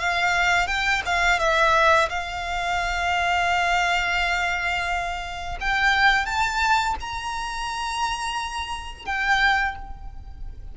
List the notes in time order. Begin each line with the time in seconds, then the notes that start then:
0.00 F5
0.67 G5
1.06 F5
1.39 E5
2.09 F5
5.60 G5
6.26 A5
7.01 A#5
9.06 G5